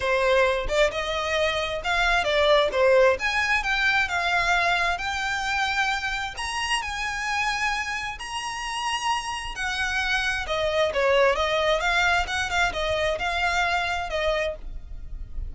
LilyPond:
\new Staff \with { instrumentName = "violin" } { \time 4/4 \tempo 4 = 132 c''4. d''8 dis''2 | f''4 d''4 c''4 gis''4 | g''4 f''2 g''4~ | g''2 ais''4 gis''4~ |
gis''2 ais''2~ | ais''4 fis''2 dis''4 | cis''4 dis''4 f''4 fis''8 f''8 | dis''4 f''2 dis''4 | }